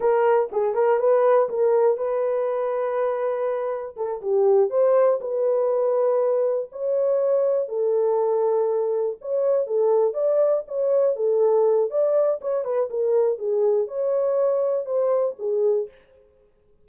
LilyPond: \new Staff \with { instrumentName = "horn" } { \time 4/4 \tempo 4 = 121 ais'4 gis'8 ais'8 b'4 ais'4 | b'1 | a'8 g'4 c''4 b'4.~ | b'4. cis''2 a'8~ |
a'2~ a'8 cis''4 a'8~ | a'8 d''4 cis''4 a'4. | d''4 cis''8 b'8 ais'4 gis'4 | cis''2 c''4 gis'4 | }